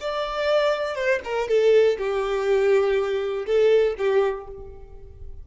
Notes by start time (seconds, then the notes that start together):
0.00 D5
0.95 C5
1.24 A#4
1.48 A4
1.98 G4
3.46 A4
3.97 G4